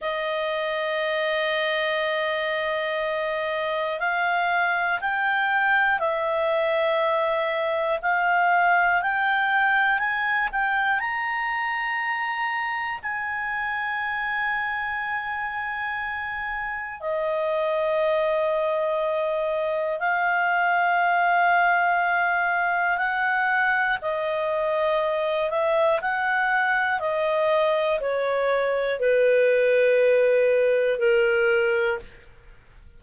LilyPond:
\new Staff \with { instrumentName = "clarinet" } { \time 4/4 \tempo 4 = 60 dis''1 | f''4 g''4 e''2 | f''4 g''4 gis''8 g''8 ais''4~ | ais''4 gis''2.~ |
gis''4 dis''2. | f''2. fis''4 | dis''4. e''8 fis''4 dis''4 | cis''4 b'2 ais'4 | }